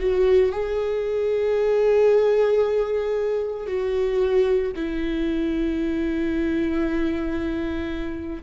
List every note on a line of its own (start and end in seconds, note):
0.00 0.52 F#4
0.52 3.67 G#4
3.67 4.72 F#4
4.76 8.43 E4